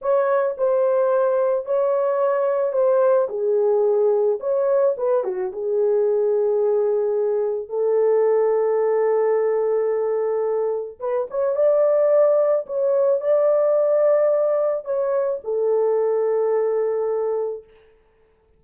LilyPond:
\new Staff \with { instrumentName = "horn" } { \time 4/4 \tempo 4 = 109 cis''4 c''2 cis''4~ | cis''4 c''4 gis'2 | cis''4 b'8 fis'8 gis'2~ | gis'2 a'2~ |
a'1 | b'8 cis''8 d''2 cis''4 | d''2. cis''4 | a'1 | }